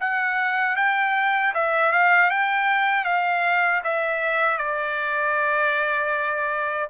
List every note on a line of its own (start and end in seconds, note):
0.00 0.76 F#5
0.76 1.53 G5
1.54 1.92 E5
1.92 2.30 F5
2.30 3.05 G5
3.05 3.81 F5
3.84 4.58 E5
4.58 6.88 D5